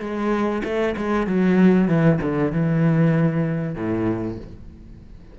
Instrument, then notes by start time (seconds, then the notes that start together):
cello
0.00 G#3
0.64 A3
0.97 G#3
1.27 F#3
1.88 E3
2.22 D3
2.52 E3
3.76 A2